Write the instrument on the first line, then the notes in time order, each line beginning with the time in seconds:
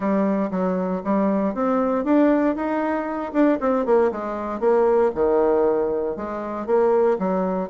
bassoon
0.00 G3
0.50 F#3
1.04 G3
1.54 C4
2.04 D4
2.55 D#4
3.32 D4
3.60 C4
3.85 A#3
4.11 G#3
4.59 A#3
5.14 D#3
6.16 G#3
6.66 A#3
7.18 F#3